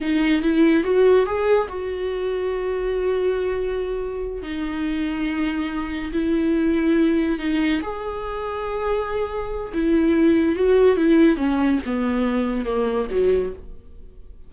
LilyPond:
\new Staff \with { instrumentName = "viola" } { \time 4/4 \tempo 4 = 142 dis'4 e'4 fis'4 gis'4 | fis'1~ | fis'2~ fis'8 dis'4.~ | dis'2~ dis'8 e'4.~ |
e'4. dis'4 gis'4.~ | gis'2. e'4~ | e'4 fis'4 e'4 cis'4 | b2 ais4 fis4 | }